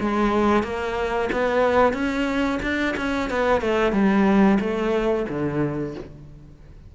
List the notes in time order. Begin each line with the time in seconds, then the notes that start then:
0.00 G#3
0.63 A#3
1.32 B3
1.93 C#4
2.62 D4
2.97 C#4
3.30 B3
3.61 A3
3.92 G3
4.60 A3
5.29 D3